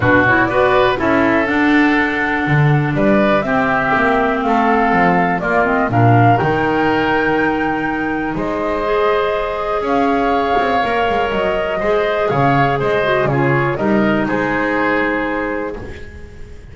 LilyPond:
<<
  \new Staff \with { instrumentName = "flute" } { \time 4/4 \tempo 4 = 122 b'8 cis''8 d''4 e''4 fis''4~ | fis''2 d''4 e''4~ | e''4 f''2 d''8 dis''8 | f''4 g''2.~ |
g''4 dis''2. | f''2. dis''4~ | dis''4 f''4 dis''4 cis''4 | dis''4 c''2. | }
  \new Staff \with { instrumentName = "oboe" } { \time 4/4 fis'4 b'4 a'2~ | a'2 b'4 g'4~ | g'4 a'2 f'4 | ais'1~ |
ais'4 c''2. | cis''1 | c''4 cis''4 c''4 gis'4 | ais'4 gis'2. | }
  \new Staff \with { instrumentName = "clarinet" } { \time 4/4 d'8 e'8 fis'4 e'4 d'4~ | d'2. c'4~ | c'2. ais8 c'8 | d'4 dis'2.~ |
dis'2 gis'2~ | gis'2 ais'2 | gis'2~ gis'8 fis'8 f'4 | dis'1 | }
  \new Staff \with { instrumentName = "double bass" } { \time 4/4 b,4 b4 cis'4 d'4~ | d'4 d4 g4 c'4 | ais4 a4 f4 ais4 | ais,4 dis2.~ |
dis4 gis2. | cis'4. c'8 ais8 gis8 fis4 | gis4 cis4 gis4 cis4 | g4 gis2. | }
>>